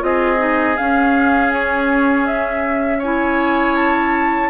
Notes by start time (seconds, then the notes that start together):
0.00 C4 F4 G#4 D#5
0.38 D#4
0.78 C#4 F5
1.53 C#5
2.26 E5
2.99 E4 C#5 G#5
3.76 A5